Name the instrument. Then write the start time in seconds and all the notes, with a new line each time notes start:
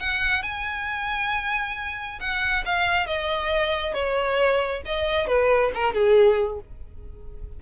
violin
0.00 F#5
0.43 G#5
2.20 F#5
2.65 F5
3.06 D#5
3.94 C#5
4.85 D#5
5.27 B4
5.75 A#4
5.94 G#4